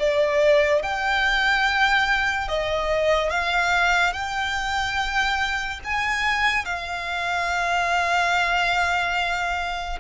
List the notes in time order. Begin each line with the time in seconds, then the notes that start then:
0.00 D5
0.83 G5
2.48 D#5
3.31 F5
4.14 G5
5.84 G#5
6.66 F5